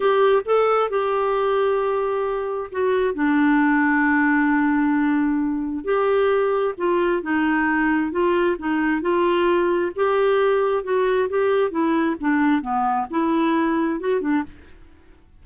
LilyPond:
\new Staff \with { instrumentName = "clarinet" } { \time 4/4 \tempo 4 = 133 g'4 a'4 g'2~ | g'2 fis'4 d'4~ | d'1~ | d'4 g'2 f'4 |
dis'2 f'4 dis'4 | f'2 g'2 | fis'4 g'4 e'4 d'4 | b4 e'2 fis'8 d'8 | }